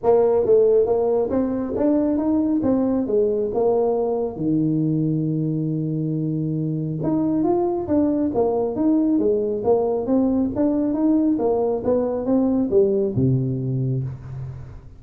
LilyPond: \new Staff \with { instrumentName = "tuba" } { \time 4/4 \tempo 4 = 137 ais4 a4 ais4 c'4 | d'4 dis'4 c'4 gis4 | ais2 dis2~ | dis1 |
dis'4 f'4 d'4 ais4 | dis'4 gis4 ais4 c'4 | d'4 dis'4 ais4 b4 | c'4 g4 c2 | }